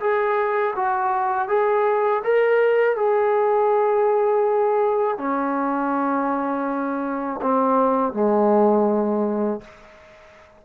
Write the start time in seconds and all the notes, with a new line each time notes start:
0.00 G#4
0.75 F#4
1.48 G#4
2.24 A#4
2.96 G#4
5.18 C#4
7.41 C4
8.13 G#3